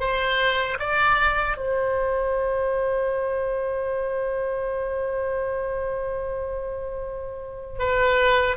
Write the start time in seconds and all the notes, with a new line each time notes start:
0.00 C5
0.79 D5
1.57 C5
7.79 B4